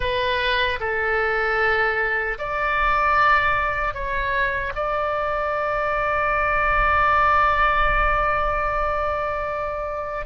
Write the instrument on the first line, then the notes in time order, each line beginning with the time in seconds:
oboe
0.00 B4
0.80 A4
2.38 D5
3.93 C#5
4.75 D5